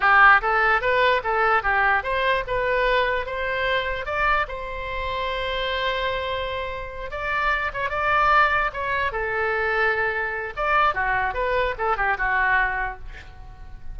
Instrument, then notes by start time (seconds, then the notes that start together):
oboe
0.00 G4
0.41 A4
0.81 B4
1.23 A4
1.62 G4
2.03 C5
2.47 B4
3.26 C5
4.05 D5
4.48 C5
7.10 D5
7.73 C#5
7.89 D5
8.73 C#5
9.11 A4
10.56 D5
10.94 F#4
11.34 B4
11.78 A4
11.96 G4
12.17 F#4